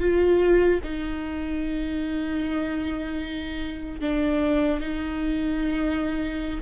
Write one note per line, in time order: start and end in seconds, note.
0.00 0.80 F4
0.83 4.01 D#4
4.01 4.80 D4
4.80 6.60 D#4